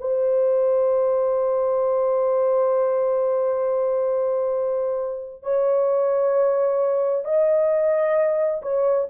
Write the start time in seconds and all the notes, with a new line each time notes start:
0.00 C5
5.43 C#5
7.25 D#5
8.62 C#5